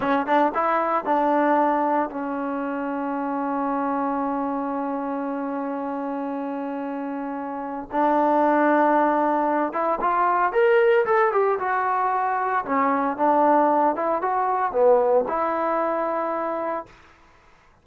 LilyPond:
\new Staff \with { instrumentName = "trombone" } { \time 4/4 \tempo 4 = 114 cis'8 d'8 e'4 d'2 | cis'1~ | cis'1~ | cis'2. d'4~ |
d'2~ d'8 e'8 f'4 | ais'4 a'8 g'8 fis'2 | cis'4 d'4. e'8 fis'4 | b4 e'2. | }